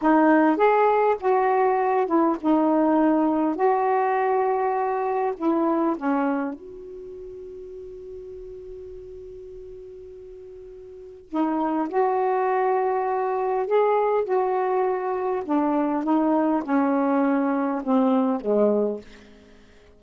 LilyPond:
\new Staff \with { instrumentName = "saxophone" } { \time 4/4 \tempo 4 = 101 dis'4 gis'4 fis'4. e'8 | dis'2 fis'2~ | fis'4 e'4 cis'4 fis'4~ | fis'1~ |
fis'2. dis'4 | fis'2. gis'4 | fis'2 d'4 dis'4 | cis'2 c'4 gis4 | }